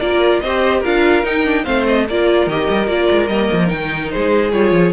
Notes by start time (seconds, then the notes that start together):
0.00 A#3 F4 A#4 D5
0.40 C4 G4 C5 D#5
0.80 D4 F4 A#4 F5
1.23 D#4 G5
1.44 D4
1.64 A3 C4 C5 F5
1.87 D#5
2.08 A#3 F4 A#4 D5
2.47 D#3 G4 D#5
2.70 G3
2.87 A#3 F4 D5
3.11 G#3
3.28 G3 A#3 D#5
3.52 F3
3.68 D#3 D#4 G5
4.10 G#3 G#4 C5
4.53 G3 F4 C#5
4.72 F3